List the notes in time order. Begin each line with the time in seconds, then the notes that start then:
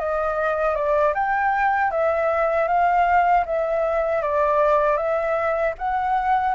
0.00 D#5
0.76 D5
1.15 G5
1.91 E5
2.68 F5
3.46 E5
4.23 D5
4.97 E5
5.79 F#5